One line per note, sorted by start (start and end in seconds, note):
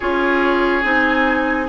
0.00 0.84 C#4
0.00 0.83 F4
0.00 1.69 G#4
0.00 0.85 C#5
0.83 1.69 C4
0.83 1.68 D#4
0.83 1.69 G#5